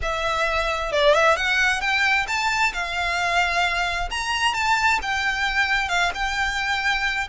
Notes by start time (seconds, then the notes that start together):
0.01 E5
0.92 D5
1.14 E5
1.36 F#5
1.81 G5
2.27 A5
2.73 F5
4.10 A#5
4.53 A5
5.01 G5
5.88 F5
6.14 G5